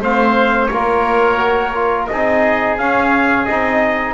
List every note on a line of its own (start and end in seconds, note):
0.00 0.69 A3
0.00 0.71 C4
0.00 0.70 C5
0.00 0.67 F5
0.67 2.09 A#3
0.67 1.37 F4
0.67 2.05 C#5
0.73 2.11 A#4
1.37 1.72 F#4
1.75 2.09 F4
2.07 2.78 C4
2.07 2.79 D#4
2.07 4.14 G#4
2.07 2.76 D#5
2.78 3.47 C#4
2.78 3.48 C#4
2.78 3.45 F5
3.45 4.14 C4
3.45 4.14 D#4
3.45 4.14 D#5